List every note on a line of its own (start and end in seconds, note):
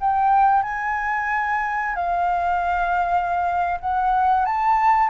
0.00 0.62 G5
0.62 1.95 G#5
1.95 3.78 F5
3.80 4.45 F#5
4.45 5.09 A5